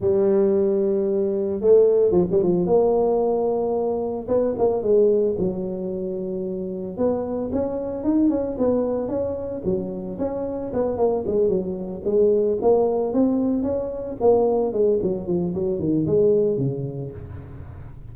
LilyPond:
\new Staff \with { instrumentName = "tuba" } { \time 4/4 \tempo 4 = 112 g2. a4 | f16 g16 f8 ais2. | b8 ais8 gis4 fis2~ | fis4 b4 cis'4 dis'8 cis'8 |
b4 cis'4 fis4 cis'4 | b8 ais8 gis8 fis4 gis4 ais8~ | ais8 c'4 cis'4 ais4 gis8 | fis8 f8 fis8 dis8 gis4 cis4 | }